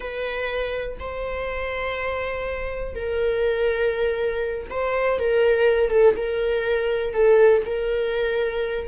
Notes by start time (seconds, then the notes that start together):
0.00 B4
0.99 C5
2.95 A#4
4.70 C5
5.19 A#4
5.90 A4
6.16 A#4
7.13 A4
7.65 A#4